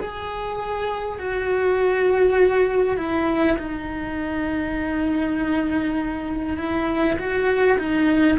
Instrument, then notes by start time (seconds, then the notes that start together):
cello
0.00 G#4
1.19 F#4
2.97 E4
3.58 D#4
6.57 E4
7.18 F#4
7.78 D#4